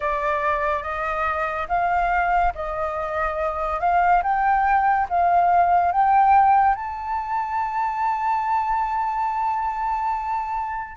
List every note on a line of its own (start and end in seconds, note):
0.00 0.82 D5
0.82 1.67 D#5
1.68 2.53 F5
2.55 3.80 D#5
3.80 4.22 F5
4.23 5.07 G5
5.09 5.91 F5
5.91 6.75 G5
6.75 10.96 A5